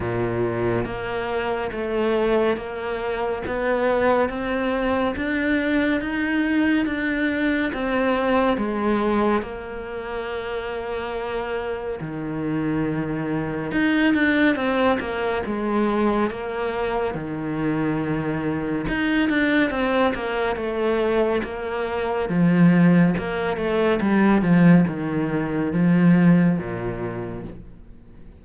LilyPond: \new Staff \with { instrumentName = "cello" } { \time 4/4 \tempo 4 = 70 ais,4 ais4 a4 ais4 | b4 c'4 d'4 dis'4 | d'4 c'4 gis4 ais4~ | ais2 dis2 |
dis'8 d'8 c'8 ais8 gis4 ais4 | dis2 dis'8 d'8 c'8 ais8 | a4 ais4 f4 ais8 a8 | g8 f8 dis4 f4 ais,4 | }